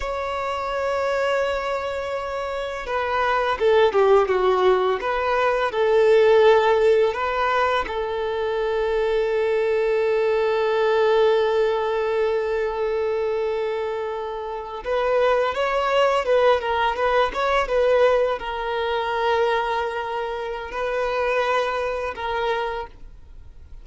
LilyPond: \new Staff \with { instrumentName = "violin" } { \time 4/4 \tempo 4 = 84 cis''1 | b'4 a'8 g'8 fis'4 b'4 | a'2 b'4 a'4~ | a'1~ |
a'1~ | a'8. b'4 cis''4 b'8 ais'8 b'16~ | b'16 cis''8 b'4 ais'2~ ais'16~ | ais'4 b'2 ais'4 | }